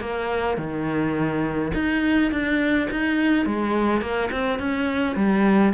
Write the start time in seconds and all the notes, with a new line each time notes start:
0.00 A#3
0.57 D#3
1.74 D#4
2.31 D4
2.90 D#4
3.46 G#3
4.01 A#3
4.31 C4
4.59 C#4
5.16 G3